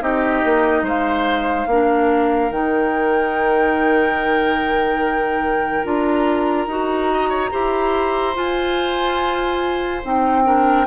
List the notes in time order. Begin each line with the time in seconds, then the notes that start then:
0.00 C4 D#4 G4 D#5
0.44 A#3
0.82 G#3 C5 F5
1.67 A#3 D4 A#4
2.50 D#3 D#4 G5
5.84 D4 F4 A#5
6.67 D#4 F#4
7.12 D#5
7.29 C#5
7.51 E4 G4 C5
8.34 F4 G#5
10.03 C4 D#4 G5
10.44 D4 A#4